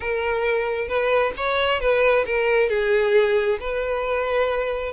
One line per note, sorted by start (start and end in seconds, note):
0.00 0.88 A#4
0.88 1.32 B4
1.36 1.80 C#5
1.80 2.25 B4
2.26 2.69 A#4
2.69 3.58 G#4
3.60 4.92 B4